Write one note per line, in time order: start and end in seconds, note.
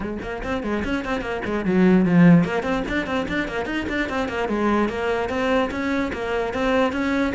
0.00 0.18 G#3
0.22 0.42 A#3
0.43 0.63 C4
0.63 0.83 G#3
0.84 1.04 C#4
1.04 1.21 C4
1.21 1.41 A#3
1.45 1.65 G#3
1.65 2.05 F#3
2.05 2.44 F3
2.44 2.63 A#3
2.63 2.83 C4
2.88 3.06 D4
3.06 3.27 C4
3.28 3.47 D4
3.47 3.65 A#3
3.65 3.86 D#4
3.88 4.09 D4
4.09 4.28 C4
4.28 4.48 A#3
4.48 4.88 G#3
4.88 5.29 A#3
5.29 5.70 C4
5.71 6.11 C#4
6.12 6.53 A#3
6.53 6.92 C4
6.92 7.33 C#4